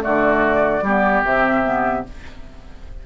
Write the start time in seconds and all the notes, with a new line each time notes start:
0.00 D3 A3 F#4 D5
0.82 G3 B3 G4
1.25 C3 C4 E5
1.64 B3